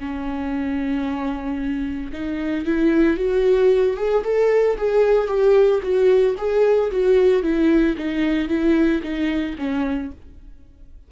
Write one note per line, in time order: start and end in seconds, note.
0.00 2.12 C#4
2.13 2.66 D#4
2.66 3.17 E4
3.17 3.97 F#4
3.97 4.24 G#4
4.24 4.77 A4
4.78 5.28 G#4
5.28 5.81 G4
5.83 6.36 F#4
6.38 6.91 G#4
6.91 7.43 F#4
7.43 7.96 E4
7.98 8.48 D#4
8.48 9.01 E4
9.03 9.56 D#4
9.58 10.12 C#4